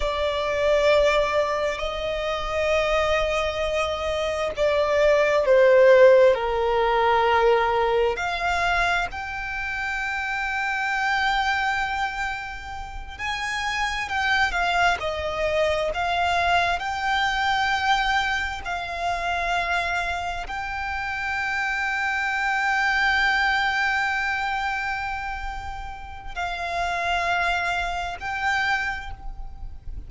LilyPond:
\new Staff \with { instrumentName = "violin" } { \time 4/4 \tempo 4 = 66 d''2 dis''2~ | dis''4 d''4 c''4 ais'4~ | ais'4 f''4 g''2~ | g''2~ g''8 gis''4 g''8 |
f''8 dis''4 f''4 g''4.~ | g''8 f''2 g''4.~ | g''1~ | g''4 f''2 g''4 | }